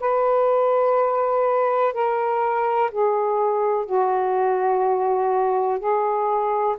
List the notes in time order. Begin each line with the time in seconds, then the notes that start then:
0.00 B4
1.94 A#4
2.91 G#4
3.86 F#4
5.79 G#4